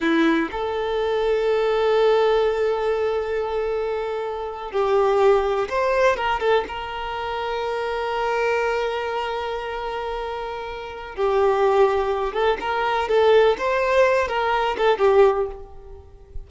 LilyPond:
\new Staff \with { instrumentName = "violin" } { \time 4/4 \tempo 4 = 124 e'4 a'2.~ | a'1~ | a'4.~ a'16 g'2 c''16~ | c''8. ais'8 a'8 ais'2~ ais'16~ |
ais'1~ | ais'2. g'4~ | g'4. a'8 ais'4 a'4 | c''4. ais'4 a'8 g'4 | }